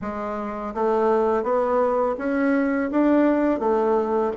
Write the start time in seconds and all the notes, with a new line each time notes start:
0.01 G#3
0.74 A3
1.43 B3
2.18 C#4
2.91 D4
3.59 A3